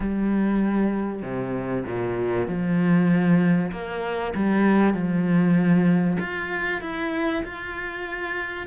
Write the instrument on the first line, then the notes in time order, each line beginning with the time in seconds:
cello
0.00 G3
1.22 C3
1.85 A#2
2.47 F3
3.71 A#3
4.35 G3
4.93 F3
6.19 F4
6.81 E4
7.43 F4